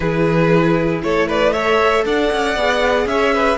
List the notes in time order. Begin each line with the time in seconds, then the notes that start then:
0.00 E3 E4 G#4 B4
1.02 A3 A4 C#5
1.27 B4 D5
1.52 A4 C#5 E5
2.05 D4 D5 F#5
2.32 C#4
2.56 B3 G#4
3.05 C#4 C#5 E5
3.34 B4